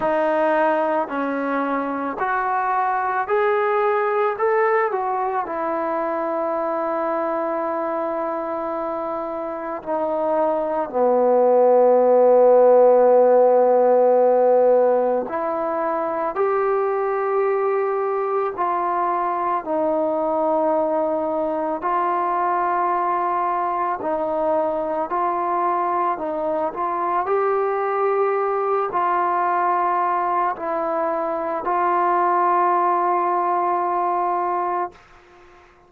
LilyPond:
\new Staff \with { instrumentName = "trombone" } { \time 4/4 \tempo 4 = 55 dis'4 cis'4 fis'4 gis'4 | a'8 fis'8 e'2.~ | e'4 dis'4 b2~ | b2 e'4 g'4~ |
g'4 f'4 dis'2 | f'2 dis'4 f'4 | dis'8 f'8 g'4. f'4. | e'4 f'2. | }